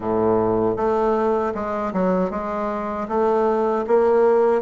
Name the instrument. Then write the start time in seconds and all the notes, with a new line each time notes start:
bassoon
0.00 A2
0.76 A3
1.54 G#3
1.93 F#3
2.30 G#3
3.08 A3
3.87 A#3